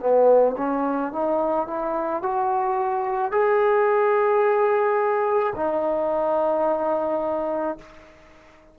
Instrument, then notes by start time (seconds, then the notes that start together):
trombone
0.00 B3
0.58 C#4
1.13 D#4
1.68 E4
2.23 F#4
3.32 G#4
5.56 D#4